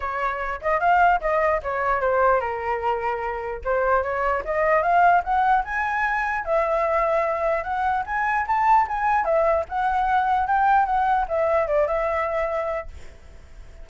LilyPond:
\new Staff \with { instrumentName = "flute" } { \time 4/4 \tempo 4 = 149 cis''4. dis''8 f''4 dis''4 | cis''4 c''4 ais'2~ | ais'4 c''4 cis''4 dis''4 | f''4 fis''4 gis''2 |
e''2. fis''4 | gis''4 a''4 gis''4 e''4 | fis''2 g''4 fis''4 | e''4 d''8 e''2~ e''8 | }